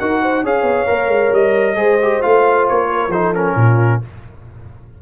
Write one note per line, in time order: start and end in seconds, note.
0.00 0.43 D#4
0.00 0.45 F#4
0.00 0.22 A#4
0.00 0.45 F#5
0.22 0.44 C5
0.43 0.63 C#4
0.43 0.87 G#4
0.43 1.77 C#5
0.43 1.34 F5
0.63 0.85 B3
0.87 1.08 A#3
0.87 1.76 A#4
1.08 1.31 G#3
1.32 1.76 G3
1.32 2.22 D#5
1.76 2.21 G#3
1.76 1.98 G#4
1.76 2.89 C5
2.02 2.22 G4
2.22 2.70 A3
2.22 3.12 F4
2.22 2.67 F5
2.69 3.08 A#3
2.69 3.11 C#5
2.92 3.13 A#4
3.08 3.53 F3
3.08 3.35 D#4
3.08 3.58 A4
3.08 3.34 C5
3.35 4.02 C#4
3.35 4.02 A#4
3.56 4.01 A#2
3.56 4.03 F4